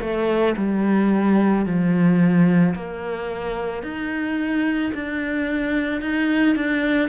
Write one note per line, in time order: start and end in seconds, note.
0.00 0.55 A3
0.57 1.65 G3
1.65 2.74 F3
2.74 3.82 A#3
3.82 4.91 D#4
4.93 6.01 D4
6.01 6.56 D#4
6.56 7.09 D4